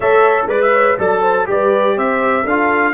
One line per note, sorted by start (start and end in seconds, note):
0.00 0.46 A3
0.00 0.49 A4
0.00 0.48 C#5
0.00 0.46 E5
0.46 0.95 G#3
0.46 0.98 B4
0.46 0.72 B4
0.46 0.61 D5
0.61 0.98 E5
0.72 0.96 C#5
0.98 1.47 F#3
0.98 1.45 A4
0.98 1.22 D5
0.98 1.49 A5
1.22 1.46 C5
1.45 1.97 G3
1.45 2.44 G4
1.45 1.97 B4
1.45 1.97 D5
1.97 2.45 C4
1.97 2.44 C5
1.97 2.46 E5
2.44 2.93 D4
2.44 2.93 F4
2.44 2.93 A4
2.44 2.93 F5